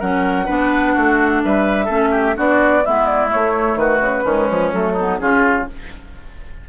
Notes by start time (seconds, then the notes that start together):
0.00 F#3 C#4 A#4 F#5
0.46 B3 D4 B4
0.94 A3 F#4
1.44 G3 B4 E5
1.85 A3 C#4 A4
2.11 G4
2.36 B3 D4 F#4 D5
2.85 G#3 B3 E4 E5
3.06 D5
3.30 A3 C#5
3.76 D#3 F#4 B4
4.01 C#3
4.24 D#3 G#3 C#4
4.51 F3
4.73 F#3 A3 A4
4.94 B3 D#4
5.19 C#3 C#4 F4 G#4